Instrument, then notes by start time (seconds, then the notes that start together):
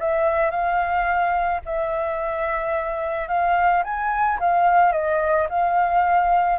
flute
0.00 E5
0.51 F5
1.66 E5
3.29 F5
3.84 G#5
4.40 F5
4.93 D#5
5.50 F5